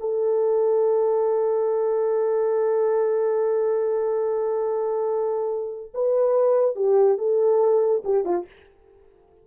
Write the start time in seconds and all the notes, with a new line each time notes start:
0.00 A4
5.94 B4
6.76 G4
7.18 A4
8.04 G4
8.25 F4